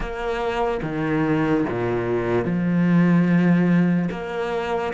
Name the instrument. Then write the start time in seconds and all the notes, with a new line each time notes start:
cello
0.00 A#3
0.82 D#3
1.68 A#2
2.44 F3
4.11 A#3